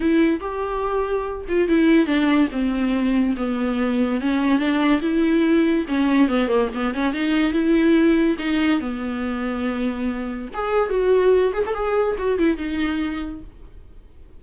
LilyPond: \new Staff \with { instrumentName = "viola" } { \time 4/4 \tempo 4 = 143 e'4 g'2~ g'8 f'8 | e'4 d'4 c'2 | b2 cis'4 d'4 | e'2 cis'4 b8 ais8 |
b8 cis'8 dis'4 e'2 | dis'4 b2.~ | b4 gis'4 fis'4. gis'16 a'16 | gis'4 fis'8 e'8 dis'2 | }